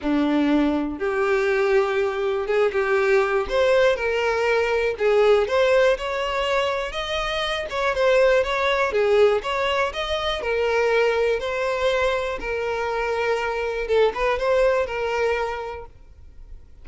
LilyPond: \new Staff \with { instrumentName = "violin" } { \time 4/4 \tempo 4 = 121 d'2 g'2~ | g'4 gis'8 g'4. c''4 | ais'2 gis'4 c''4 | cis''2 dis''4. cis''8 |
c''4 cis''4 gis'4 cis''4 | dis''4 ais'2 c''4~ | c''4 ais'2. | a'8 b'8 c''4 ais'2 | }